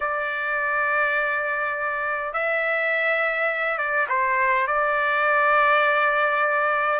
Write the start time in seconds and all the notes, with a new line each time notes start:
0.00 D5
2.33 E5
3.78 D5
4.09 C5
4.67 D5